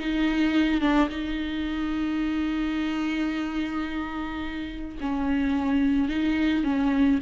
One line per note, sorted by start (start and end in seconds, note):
0.00 0.81 D#4
0.81 1.09 D4
1.09 4.98 D#4
5.01 6.09 C#4
6.09 6.64 D#4
6.64 7.20 C#4